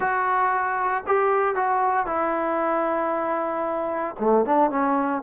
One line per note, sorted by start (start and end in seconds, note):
0.00 1.04 F#4
1.06 1.55 G4
1.55 2.06 F#4
2.06 4.15 E4
4.19 4.45 A3
4.45 4.70 D4
4.70 5.22 C#4